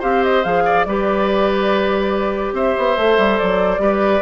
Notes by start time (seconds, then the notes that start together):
0.00 C4 G4 C5 F5
0.24 D#5
0.44 F3 G#4 F5
0.65 D5
0.84 G3 G4 B4 D5
2.53 C4 C5 E5
2.78 B3
2.97 A3 A4
3.18 G3
3.39 F#3 D5
3.79 G3 G4 B4